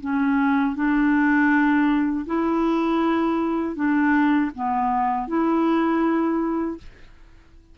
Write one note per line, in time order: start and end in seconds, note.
0.00 0.75 C#4
0.75 2.25 D4
2.26 3.75 E4
3.75 4.50 D4
4.54 5.27 B3
5.27 6.77 E4